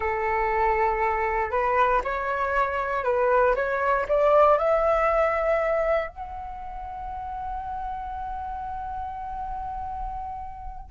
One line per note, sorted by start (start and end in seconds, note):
0.00 1.50 A4
1.50 2.01 B4
2.04 3.04 C#5
3.04 3.55 B4
3.55 4.06 C#5
4.08 4.58 D5
4.58 6.08 E5
6.08 10.91 F#5